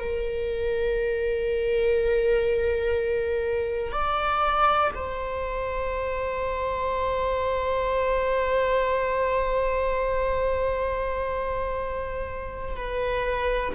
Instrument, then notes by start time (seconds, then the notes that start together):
viola
0.00 A#4
3.93 D5
4.95 C5
12.76 B4